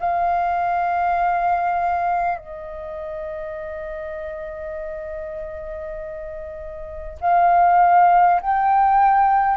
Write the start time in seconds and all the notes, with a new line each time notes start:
0.00 F5
2.38 D#5
7.21 F5
8.41 G5